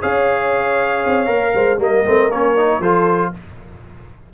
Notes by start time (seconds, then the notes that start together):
0.00 C#4 G#4 C#5 F5
1.06 C4
1.26 A#3 A#4
1.54 G#3 C5
1.78 G3 A#3 A#4 D#5
2.05 A3 C4
2.30 A#3 C#4 C#5
2.56 D#4
2.79 F3 F4 A4 C5